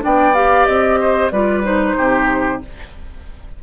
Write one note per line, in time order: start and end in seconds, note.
0.00 0.67 B3
0.00 0.32 D4
0.00 1.00 D5
0.00 0.35 G5
0.35 1.31 G4
0.35 0.65 F5
0.65 1.31 C4
0.65 1.30 D#5
1.00 1.32 C5
1.31 1.96 G3
1.31 1.63 F4
1.31 1.97 B4
1.31 1.63 D5
1.63 2.60 D#4
1.63 2.62 C5
1.97 2.63 C3
1.97 2.62 G4